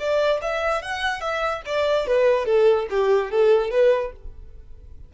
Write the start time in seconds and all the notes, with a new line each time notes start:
0.00 D5
0.42 E5
0.83 F#5
1.21 E5
1.66 D5
2.07 B4
2.46 A4
2.91 G4
3.31 A4
3.71 B4